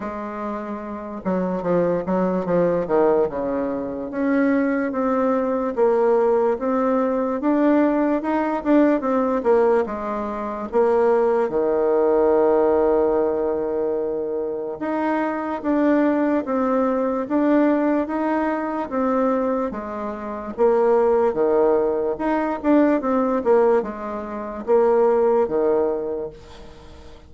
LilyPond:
\new Staff \with { instrumentName = "bassoon" } { \time 4/4 \tempo 4 = 73 gis4. fis8 f8 fis8 f8 dis8 | cis4 cis'4 c'4 ais4 | c'4 d'4 dis'8 d'8 c'8 ais8 | gis4 ais4 dis2~ |
dis2 dis'4 d'4 | c'4 d'4 dis'4 c'4 | gis4 ais4 dis4 dis'8 d'8 | c'8 ais8 gis4 ais4 dis4 | }